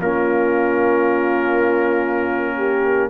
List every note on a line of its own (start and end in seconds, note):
0.00 3.10 A#3
0.00 3.10 C#4
0.00 2.57 F4
0.00 3.10 A#4
2.57 3.09 G4